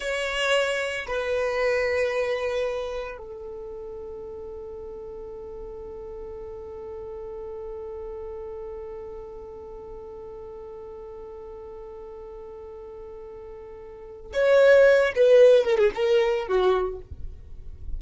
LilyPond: \new Staff \with { instrumentName = "violin" } { \time 4/4 \tempo 4 = 113 cis''2 b'2~ | b'2 a'2~ | a'1~ | a'1~ |
a'1~ | a'1~ | a'2. cis''4~ | cis''8 b'4 ais'16 gis'16 ais'4 fis'4 | }